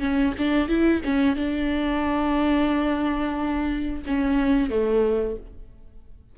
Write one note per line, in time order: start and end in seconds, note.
0.00 0.33 C#4
0.39 0.69 D4
0.69 1.02 E4
1.05 1.36 C#4
1.36 4.03 D4
4.07 4.70 C#4
4.70 5.37 A3